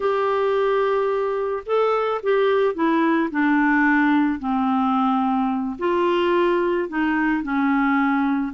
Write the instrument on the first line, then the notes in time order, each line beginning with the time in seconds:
clarinet
0.00 G4
1.66 A4
2.22 G4
2.74 E4
3.31 D4
4.39 C4
5.78 F4
6.88 D#4
7.42 C#4